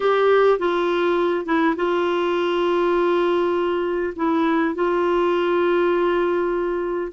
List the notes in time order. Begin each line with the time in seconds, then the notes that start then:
0.00 G4
0.59 F4
1.45 E4
1.76 F4
4.16 E4
4.74 F4